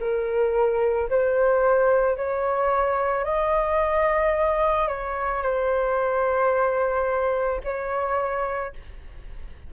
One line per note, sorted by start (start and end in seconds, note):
0.00 1.09 A#4
1.10 2.17 C5
2.17 3.24 C#5
3.24 4.88 D#5
4.88 5.42 C#5
5.42 7.61 C5
7.64 8.73 C#5